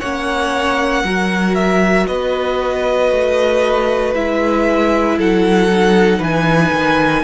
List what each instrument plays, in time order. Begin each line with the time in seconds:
0.00 cello A#3, viola C#4, violin C#5 F#5
1.04 cello F#3, viola F#4, violin A#4
1.55 violin E5
2.07 cello B3, violin B4 D#5
3.11 cello A3
4.15 cello G#3, viola E4, violin E5
5.18 cello F#3, violin A4 F#5
5.70 viola D#4
6.19 cello E3, violin B4 G#5
6.73 cello D#3